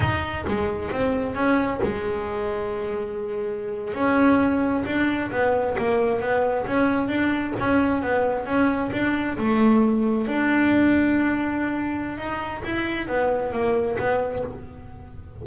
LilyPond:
\new Staff \with { instrumentName = "double bass" } { \time 4/4 \tempo 4 = 133 dis'4 gis4 c'4 cis'4 | gis1~ | gis8. cis'2 d'4 b16~ | b8. ais4 b4 cis'4 d'16~ |
d'8. cis'4 b4 cis'4 d'16~ | d'8. a2 d'4~ d'16~ | d'2. dis'4 | e'4 b4 ais4 b4 | }